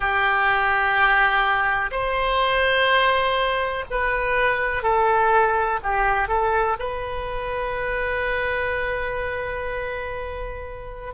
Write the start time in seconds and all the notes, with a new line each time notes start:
0.00 G4
1.91 C5
3.90 B4
4.83 A4
5.82 G4
6.28 A4
6.79 B4